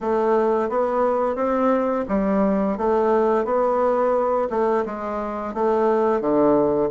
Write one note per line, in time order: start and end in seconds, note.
0.01 0.69 A3
0.69 1.35 B3
1.35 2.04 C4
2.08 2.77 G3
2.77 3.45 A3
3.45 4.48 B3
4.50 4.84 A3
4.85 5.54 G#3
5.54 6.20 A3
6.20 6.89 D3